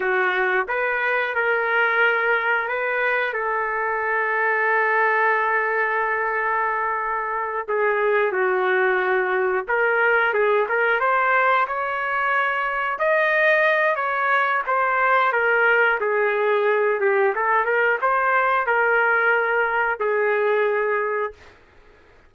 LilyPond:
\new Staff \with { instrumentName = "trumpet" } { \time 4/4 \tempo 4 = 90 fis'4 b'4 ais'2 | b'4 a'2.~ | a'2.~ a'8 gis'8~ | gis'8 fis'2 ais'4 gis'8 |
ais'8 c''4 cis''2 dis''8~ | dis''4 cis''4 c''4 ais'4 | gis'4. g'8 a'8 ais'8 c''4 | ais'2 gis'2 | }